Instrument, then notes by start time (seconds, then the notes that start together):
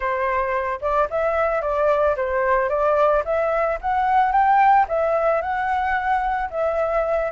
flute
0.00 C5
0.81 D5
1.10 E5
1.61 D5
2.16 C5
2.69 D5
3.24 E5
3.81 F#5
4.31 G5
4.88 E5
5.41 F#5
6.50 E5